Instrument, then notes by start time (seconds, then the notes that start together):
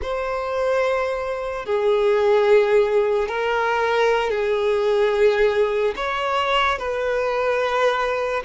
violin
0.01 C5
1.65 G#4
3.28 A#4
4.30 G#4
5.96 C#5
6.78 B4